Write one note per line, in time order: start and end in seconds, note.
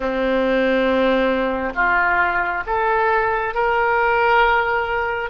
0.00 1.73 C4
1.75 2.63 F4
2.66 3.54 A4
3.54 5.30 A#4